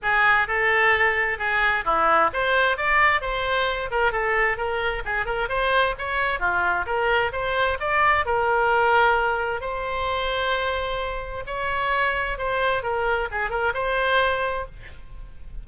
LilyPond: \new Staff \with { instrumentName = "oboe" } { \time 4/4 \tempo 4 = 131 gis'4 a'2 gis'4 | e'4 c''4 d''4 c''4~ | c''8 ais'8 a'4 ais'4 gis'8 ais'8 | c''4 cis''4 f'4 ais'4 |
c''4 d''4 ais'2~ | ais'4 c''2.~ | c''4 cis''2 c''4 | ais'4 gis'8 ais'8 c''2 | }